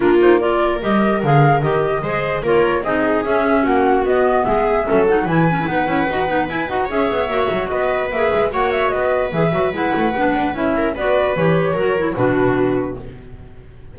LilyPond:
<<
  \new Staff \with { instrumentName = "flute" } { \time 4/4 \tempo 4 = 148 ais'8 c''8 d''4 dis''4 f''4 | dis''2 cis''4 dis''4 | e''4 fis''4 dis''4 e''4~ | e''8 fis''8 gis''4 fis''2 |
gis''8 fis''8 e''2 dis''4 | e''4 fis''8 e''8 dis''4 e''4 | fis''2 e''4 d''4 | cis''2 b'2 | }
  \new Staff \with { instrumentName = "viola" } { \time 4/4 f'4 ais'2.~ | ais'4 c''4 ais'4 gis'4~ | gis'4 fis'2 gis'4 | a'4 b'2.~ |
b'4 cis''2 b'4~ | b'4 cis''4 b'2~ | b'2~ b'8 ais'8 b'4~ | b'4 ais'4 fis'2 | }
  \new Staff \with { instrumentName = "clarinet" } { \time 4/4 d'8 dis'8 f'4 g'4 gis'4 | g'4 gis'4 f'4 dis'4 | cis'2 b2 | cis'8 dis'8 e'8 cis'16 e'16 dis'8 e'8 fis'8 dis'8 |
e'8 fis'8 gis'4 fis'2 | gis'4 fis'2 gis'8 fis'8 | e'4 d'4 e'4 fis'4 | g'4 fis'8 e'8 d'2 | }
  \new Staff \with { instrumentName = "double bass" } { \time 4/4 ais2 g4 d4 | dis4 gis4 ais4 c'4 | cis'4 ais4 b4 gis4 | fis4 e4 b8 cis'8 dis'8 b8 |
e'8 dis'8 cis'8 b8 ais8 fis8 b4 | ais8 gis8 ais4 b4 e8 fis8 | gis8 a8 b8 d'8 cis'4 b4 | e4 fis4 b,2 | }
>>